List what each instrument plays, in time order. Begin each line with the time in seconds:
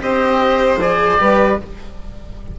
0.00 bassoon C4, cello G4, violin C5, oboe D#5
0.78 bassoon F3, cello G#4, oboe D5
1.18 bassoon G3, cello G4, violin B4